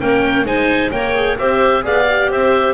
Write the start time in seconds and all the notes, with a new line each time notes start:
0.00 A#3 C#4 A#4 G5
0.45 G#3 D#4 C5 G#5
0.92 A#3 A#4 C#5 G5
1.16 G#4
1.39 C4 G4 C5 E5
1.83 B3 G#4 D5 F5
2.10 G4
2.31 C4 C5 E5